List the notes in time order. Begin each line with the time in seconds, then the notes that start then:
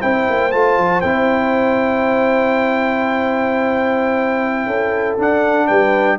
0.00 C4 E4 C5 G5
0.30 A#3
0.52 A3 F4 A5
0.78 F3
1.01 C4 E4 G5
4.66 C#4 A4
5.18 D4 F#5
5.67 G3 B4 G5